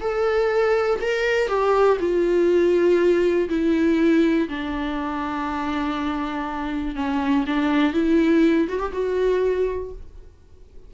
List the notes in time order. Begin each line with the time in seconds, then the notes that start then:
0.00 A4
1.01 A#4
1.47 G4
1.99 F4
3.49 E4
4.48 D4
6.95 C#4
7.46 D4
7.93 E4
8.68 F#4
8.79 G4
8.92 F#4